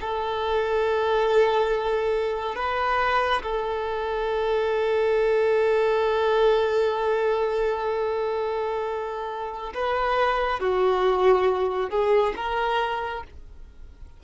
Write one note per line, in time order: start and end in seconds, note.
0.00 2.55 A4
2.55 3.42 B4
3.42 9.73 A4
9.74 10.60 B4
10.60 11.90 F#4
11.90 12.34 G#4
12.36 13.23 A#4